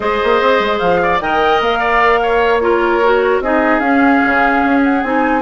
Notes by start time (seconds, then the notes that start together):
0.00 G#3 G#4 C5 D#5
0.23 A#3
0.41 C4
0.59 G#3
0.78 F3 F5
1.02 D5
1.20 D#3 A#4 D#5 G5
1.60 A#3 F5
1.79 D5
2.22 C#5
2.59 F4 A#4 C#5
3.03 F#4
3.39 C4 D#4 G#4 D#5
3.79 C#4 F5
4.24 C#3
4.64 C#4
4.83 F#5
5.03 C4 D#4 G#5